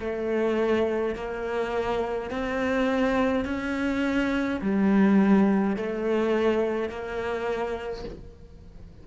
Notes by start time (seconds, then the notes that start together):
0.00 A3
1.15 A#3
2.31 C4
3.46 C#4
4.62 G3
5.77 A3
6.90 A#3